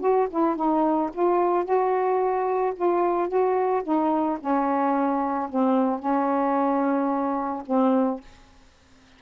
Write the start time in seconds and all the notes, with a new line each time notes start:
0.00 F#4
0.30 E4
0.55 D#4
1.13 F4
1.64 F#4
2.75 F4
3.28 F#4
3.83 D#4
4.40 C#4
5.49 C4
5.99 C#4
7.66 C4